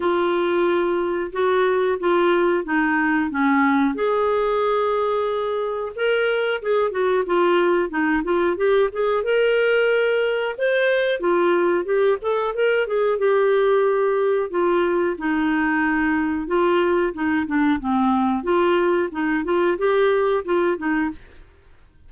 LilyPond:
\new Staff \with { instrumentName = "clarinet" } { \time 4/4 \tempo 4 = 91 f'2 fis'4 f'4 | dis'4 cis'4 gis'2~ | gis'4 ais'4 gis'8 fis'8 f'4 | dis'8 f'8 g'8 gis'8 ais'2 |
c''4 f'4 g'8 a'8 ais'8 gis'8 | g'2 f'4 dis'4~ | dis'4 f'4 dis'8 d'8 c'4 | f'4 dis'8 f'8 g'4 f'8 dis'8 | }